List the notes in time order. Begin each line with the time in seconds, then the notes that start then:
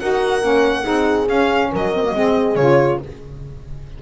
0.00 D#4 F#4 A#4 F#5
0.42 A#3 C#4
0.84 C4 D#4 G#4
1.29 C#4 F5
1.72 F#3 A#4 D#5
1.94 C4
2.04 A#3
2.15 G#3 C4 G#4
2.56 C#3 F4 C#5